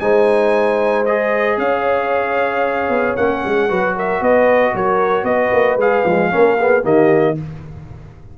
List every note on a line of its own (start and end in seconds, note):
0.00 1.57 G#3
0.00 1.06 D#4
0.00 1.60 C5
0.00 1.05 G#5
1.05 3.18 G#4
1.05 1.58 D#5
1.57 2.89 C#4
1.57 3.69 C#5
1.57 3.16 F5
2.89 3.15 B3
3.16 3.44 A#3
3.16 3.69 C#4
3.16 3.95 F#5
3.45 3.70 G#3
3.69 4.21 F#3
3.69 5.80 F#4
3.69 3.95 B4
3.96 4.21 A#4
3.96 4.23 E5
4.21 4.74 B3
4.21 4.73 B4
4.21 4.76 D#5
4.74 5.24 F#3
4.74 5.25 A#4
4.74 5.25 C#5
5.24 5.50 B3
5.24 6.30 B4
5.24 5.78 D#5
5.53 5.77 A#3
5.77 6.03 G#3
5.77 6.06 G#4
5.77 6.85 F5
6.05 6.31 F3
6.05 6.31 G#3
6.31 6.84 A#3
6.31 6.57 C#4
6.31 6.58 A#4
6.58 6.82 B3
6.58 6.83 G#4
6.82 7.37 D#3
6.82 7.35 A#3
6.82 7.35 G4
6.82 7.38 D#5